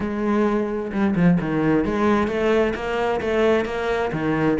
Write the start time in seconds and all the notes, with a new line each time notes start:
0.00 G#3
0.91 G3
1.15 F3
1.40 D#3
1.84 G#3
2.27 A3
2.74 A#3
3.21 A3
3.65 A#3
4.12 D#3